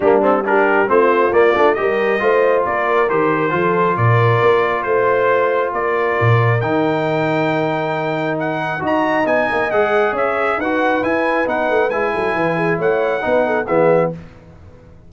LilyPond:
<<
  \new Staff \with { instrumentName = "trumpet" } { \time 4/4 \tempo 4 = 136 g'8 a'8 ais'4 c''4 d''4 | dis''2 d''4 c''4~ | c''4 d''2 c''4~ | c''4 d''2 g''4~ |
g''2. fis''4 | ais''4 gis''4 fis''4 e''4 | fis''4 gis''4 fis''4 gis''4~ | gis''4 fis''2 e''4 | }
  \new Staff \with { instrumentName = "horn" } { \time 4/4 d'4 g'4 f'2 | ais'4 c''4 ais'2 | a'4 ais'2 c''4~ | c''4 ais'2.~ |
ais'1 | dis''2. cis''4 | b'2.~ b'8 a'8 | b'8 gis'8 cis''4 b'8 a'8 gis'4 | }
  \new Staff \with { instrumentName = "trombone" } { \time 4/4 ais8 c'8 d'4 c'4 ais8 d'8 | g'4 f'2 g'4 | f'1~ | f'2. dis'4~ |
dis'1 | fis'4 dis'4 gis'2 | fis'4 e'4 dis'4 e'4~ | e'2 dis'4 b4 | }
  \new Staff \with { instrumentName = "tuba" } { \time 4/4 g2 a4 ais8 a8 | g4 a4 ais4 dis4 | f4 ais,4 ais4 a4~ | a4 ais4 ais,4 dis4~ |
dis1 | dis'4 b8 ais8 gis4 cis'4 | dis'4 e'4 b8 a8 gis8 fis8 | e4 a4 b4 e4 | }
>>